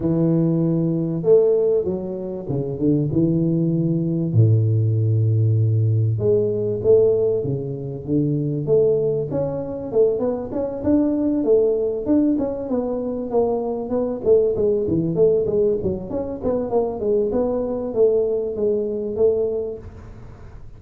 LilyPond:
\new Staff \with { instrumentName = "tuba" } { \time 4/4 \tempo 4 = 97 e2 a4 fis4 | cis8 d8 e2 a,4~ | a,2 gis4 a4 | cis4 d4 a4 cis'4 |
a8 b8 cis'8 d'4 a4 d'8 | cis'8 b4 ais4 b8 a8 gis8 | e8 a8 gis8 fis8 cis'8 b8 ais8 gis8 | b4 a4 gis4 a4 | }